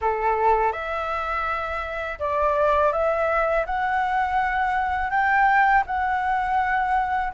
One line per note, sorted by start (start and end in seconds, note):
0.01 0.72 A4
0.72 2.19 E5
2.19 2.92 D5
2.92 3.65 E5
3.66 5.10 F#5
5.10 5.83 G5
5.86 7.32 F#5